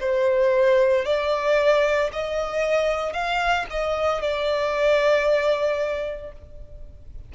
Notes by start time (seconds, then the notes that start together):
0.00 C5
1.05 D5
2.12 D#5
3.13 F5
3.70 D#5
4.21 D5